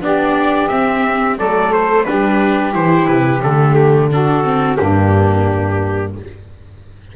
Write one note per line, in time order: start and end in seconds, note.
0.00 0.68 B3
0.00 0.69 D4
0.00 1.37 G4
0.00 0.68 D5
0.68 1.38 C4
0.68 1.36 E5
1.37 2.06 F#3
1.37 2.07 A3
1.37 2.05 A4
1.37 1.72 D5
1.72 2.04 C5
2.04 2.75 G3
2.04 2.72 D4
2.04 4.10 G4
2.04 2.72 B4
2.72 3.08 E3
2.72 3.40 E4
2.72 3.07 C5
3.07 3.41 C3
3.07 3.41 B4
3.41 4.78 D3
3.41 4.09 A3
3.41 3.74 A4
3.74 4.08 G4
4.11 4.43 D4
4.11 4.78 F#4
4.11 4.76 A4
4.43 4.77 C4
4.76 6.15 G2
4.76 6.14 A#3
4.76 6.15 D4
4.76 6.13 G4